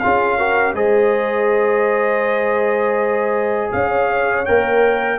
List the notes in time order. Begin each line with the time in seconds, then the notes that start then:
0.00 C#4 F4 G#4 F5
0.38 F#4 A#4
0.74 G#3 G#4 C5 D#5
3.72 C#4 C#5 F5
4.46 A#3 A#4 G5